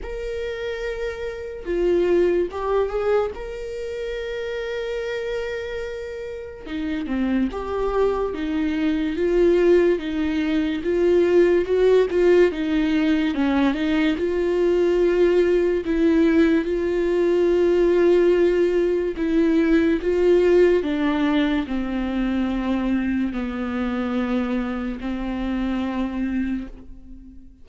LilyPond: \new Staff \with { instrumentName = "viola" } { \time 4/4 \tempo 4 = 72 ais'2 f'4 g'8 gis'8 | ais'1 | dis'8 c'8 g'4 dis'4 f'4 | dis'4 f'4 fis'8 f'8 dis'4 |
cis'8 dis'8 f'2 e'4 | f'2. e'4 | f'4 d'4 c'2 | b2 c'2 | }